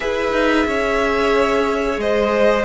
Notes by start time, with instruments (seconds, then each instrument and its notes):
0.00 cello E4, viola G#4, violin B4 E5
0.32 cello D#4
0.66 cello C#4, violin C#5
1.97 cello G#3, violin C5 D#5